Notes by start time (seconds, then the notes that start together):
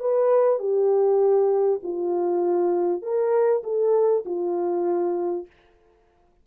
0.00 B4
0.60 G4
1.83 F4
3.02 A#4
3.64 A4
4.26 F4